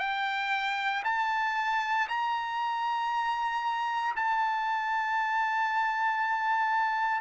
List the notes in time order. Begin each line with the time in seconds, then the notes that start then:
0.00 G5
1.04 A5
2.08 A#5
4.16 A5